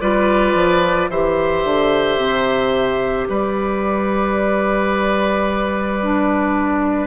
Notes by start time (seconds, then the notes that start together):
0.00 G3 F4 B4 D5
0.54 F3
1.09 E3 G4 C5 E5
1.64 D3
2.17 C3
3.29 G3 B4 D5
6.02 D4